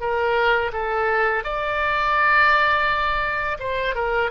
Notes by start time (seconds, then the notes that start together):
0.00 A#4
0.72 A4
1.44 D5
3.59 C5
3.95 A#4